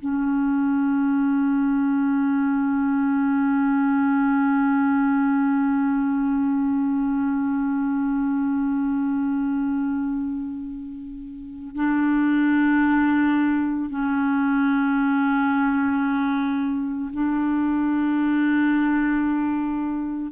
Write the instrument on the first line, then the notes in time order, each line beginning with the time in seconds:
clarinet
0.00 C#4
11.76 D4
13.90 C#4
17.13 D4